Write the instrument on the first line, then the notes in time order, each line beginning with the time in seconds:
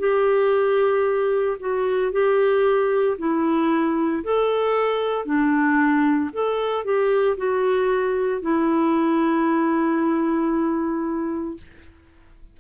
clarinet
0.00 G4
1.60 F#4
2.12 G4
3.18 E4
4.24 A4
5.26 D4
6.33 A4
6.85 G4
7.38 F#4
8.42 E4